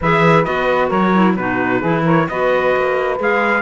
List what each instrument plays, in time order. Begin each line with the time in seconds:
0.00 cello E3, clarinet G#4, saxophone B4, trumpet E5
0.44 cello B3, clarinet F#4, trumpet D#5
0.88 cello F#3, saxophone A#4, trumpet C#5
1.14 clarinet E4
1.36 cello B2, clarinet D#4, saxophone F#4, trumpet B4
1.79 cello E3, clarinet E4, saxophone G#4
2.04 saxophone A#4, trumpet C#5
2.28 cello B3, clarinet F#4, saxophone B4, trumpet D#5
2.75 cello A#3
3.18 cello G#3, clarinet G#4, trumpet F5